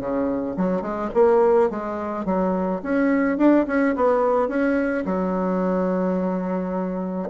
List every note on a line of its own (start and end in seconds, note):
0.00 0.56 C#3
0.57 0.82 F#3
0.82 1.10 G#3
1.14 1.70 A#3
1.70 2.25 G#3
2.25 2.81 F#3
2.83 3.38 C#4
3.38 3.66 D4
3.67 3.95 C#4
3.96 4.49 B3
4.49 5.05 C#4
5.06 7.30 F#3